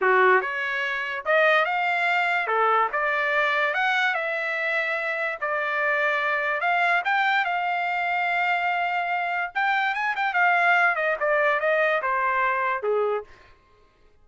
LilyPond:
\new Staff \with { instrumentName = "trumpet" } { \time 4/4 \tempo 4 = 145 fis'4 cis''2 dis''4 | f''2 a'4 d''4~ | d''4 fis''4 e''2~ | e''4 d''2. |
f''4 g''4 f''2~ | f''2. g''4 | gis''8 g''8 f''4. dis''8 d''4 | dis''4 c''2 gis'4 | }